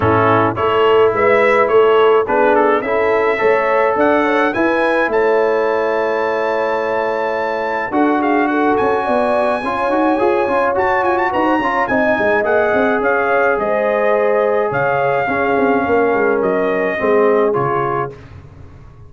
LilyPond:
<<
  \new Staff \with { instrumentName = "trumpet" } { \time 4/4 \tempo 4 = 106 a'4 cis''4 e''4 cis''4 | b'8 a'8 e''2 fis''4 | gis''4 a''2.~ | a''2 fis''8 f''8 fis''8 gis''8~ |
gis''2. a''8 gis''16 a''16 | ais''4 gis''4 fis''4 f''4 | dis''2 f''2~ | f''4 dis''2 cis''4 | }
  \new Staff \with { instrumentName = "horn" } { \time 4/4 e'4 a'4 b'4 a'4 | gis'4 a'4 cis''4 d''8 cis''8 | b'4 cis''2.~ | cis''2 a'8 gis'8 a'4 |
d''4 cis''2. | b'16 c''16 cis''8 dis''2 cis''4 | c''2 cis''4 gis'4 | ais'2 gis'2 | }
  \new Staff \with { instrumentName = "trombone" } { \time 4/4 cis'4 e'2. | d'4 e'4 a'2 | e'1~ | e'2 fis'2~ |
fis'4 f'8 fis'8 gis'8 f'8 fis'4~ | fis'8 f'8 dis'4 gis'2~ | gis'2. cis'4~ | cis'2 c'4 f'4 | }
  \new Staff \with { instrumentName = "tuba" } { \time 4/4 a,4 a4 gis4 a4 | b4 cis'4 a4 d'4 | e'4 a2.~ | a2 d'4. cis'8 |
b4 cis'8 dis'8 f'8 cis'8 fis'8 f'8 | dis'8 cis'8 c'8 gis8 ais8 c'8 cis'4 | gis2 cis4 cis'8 c'8 | ais8 gis8 fis4 gis4 cis4 | }
>>